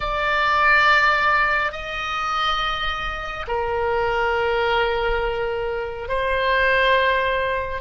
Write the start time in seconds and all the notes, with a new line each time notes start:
0.00 D5
1.72 D#5
3.47 A#4
6.08 C5